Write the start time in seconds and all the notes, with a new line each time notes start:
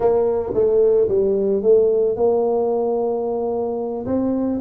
0.00 A#3
0.54 A3
1.08 G3
1.62 A3
2.16 A#3
4.06 C4